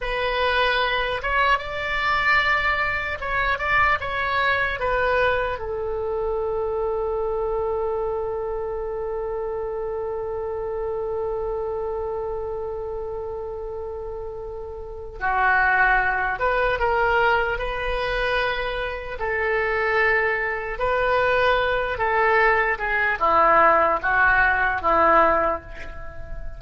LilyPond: \new Staff \with { instrumentName = "oboe" } { \time 4/4 \tempo 4 = 75 b'4. cis''8 d''2 | cis''8 d''8 cis''4 b'4 a'4~ | a'1~ | a'1~ |
a'2. fis'4~ | fis'8 b'8 ais'4 b'2 | a'2 b'4. a'8~ | a'8 gis'8 e'4 fis'4 e'4 | }